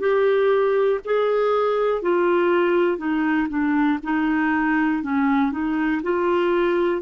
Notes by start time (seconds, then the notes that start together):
0.00 G4
1.05 G#4
2.02 F4
2.98 D#4
3.49 D4
4.04 D#4
5.03 C#4
5.52 D#4
6.03 F4